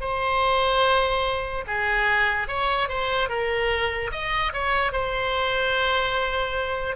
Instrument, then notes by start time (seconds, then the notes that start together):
oboe
0.00 C5
1.67 G#4
2.48 C#5
2.88 C5
3.29 A#4
4.11 D#5
4.53 C#5
4.92 C5